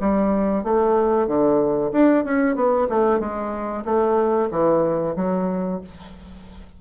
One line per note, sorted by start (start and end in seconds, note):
0.00 0.63 G3
0.63 1.27 A3
1.27 1.91 D3
1.92 2.24 D4
2.24 2.55 C#4
2.55 2.87 B3
2.89 3.19 A3
3.19 3.84 G#3
3.84 4.49 A3
4.50 5.15 E3
5.16 5.80 F#3